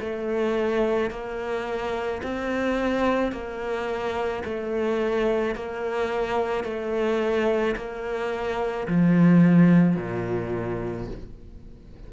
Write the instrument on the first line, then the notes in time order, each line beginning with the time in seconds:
cello
0.00 A3
1.11 A#3
2.23 C4
3.32 A#3
4.44 A3
5.56 A#3
6.64 A3
7.76 A#3
8.88 F3
9.96 A#2